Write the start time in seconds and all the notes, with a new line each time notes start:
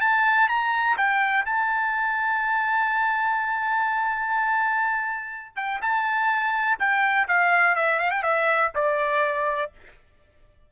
0.00 A5
0.48 A#5
0.97 G5
1.45 A5
5.56 G5
5.82 A5
6.79 G5
7.28 F5
7.76 E5
7.99 F5
8.11 G5
8.22 E5
8.74 D5